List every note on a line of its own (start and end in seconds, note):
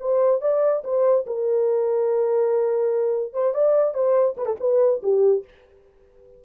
0.00 0.41 C5
0.41 0.83 D5
0.84 1.25 C5
1.26 3.33 A#4
3.33 3.54 C5
3.54 3.94 D5
3.94 4.36 C5
4.37 4.46 B4
4.46 4.56 A4
4.60 5.02 B4
5.03 5.44 G4